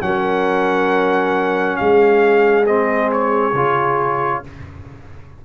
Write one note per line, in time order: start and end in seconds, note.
0.00 1.78 F#3
0.00 2.65 C#4
0.00 1.80 A#4
0.00 1.76 F#5
1.76 3.53 G#3
1.76 4.45 G#4
1.76 2.64 F5
2.66 3.54 C4
2.66 3.10 D#5
3.12 4.44 C#5
3.53 4.41 C#3
3.53 4.43 F4